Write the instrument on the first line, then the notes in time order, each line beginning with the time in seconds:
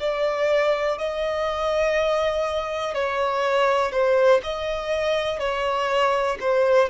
violin
0.00 D5
0.98 D#5
2.95 C#5
3.92 C5
4.44 D#5
5.40 C#5
6.41 C5